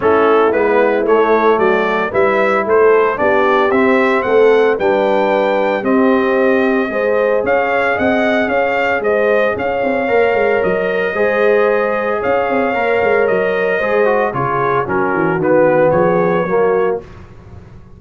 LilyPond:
<<
  \new Staff \with { instrumentName = "trumpet" } { \time 4/4 \tempo 4 = 113 a'4 b'4 cis''4 d''4 | e''4 c''4 d''4 e''4 | fis''4 g''2 dis''4~ | dis''2 f''4 fis''4 |
f''4 dis''4 f''2 | dis''2. f''4~ | f''4 dis''2 cis''4 | ais'4 b'4 cis''2 | }
  \new Staff \with { instrumentName = "horn" } { \time 4/4 e'2. fis'4 | b'4 a'4 g'2 | a'4 b'2 g'4~ | g'4 c''4 cis''4 dis''4 |
cis''4 c''4 cis''2~ | cis''4 c''2 cis''4~ | cis''2 c''4 gis'4 | fis'2 gis'4 fis'4 | }
  \new Staff \with { instrumentName = "trombone" } { \time 4/4 cis'4 b4 a2 | e'2 d'4 c'4~ | c'4 d'2 c'4~ | c'4 gis'2.~ |
gis'2. ais'4~ | ais'4 gis'2. | ais'2 gis'8 fis'8 f'4 | cis'4 b2 ais4 | }
  \new Staff \with { instrumentName = "tuba" } { \time 4/4 a4 gis4 a4 fis4 | g4 a4 b4 c'4 | a4 g2 c'4~ | c'4 gis4 cis'4 c'4 |
cis'4 gis4 cis'8 c'8 ais8 gis8 | fis4 gis2 cis'8 c'8 | ais8 gis8 fis4 gis4 cis4 | fis8 e8 dis4 f4 fis4 | }
>>